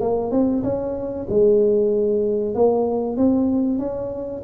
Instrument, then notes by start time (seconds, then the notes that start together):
tuba
0.00 A#3
0.31 C4
0.63 C#4
1.29 G#3
2.55 A#3
3.16 C4
3.79 C#4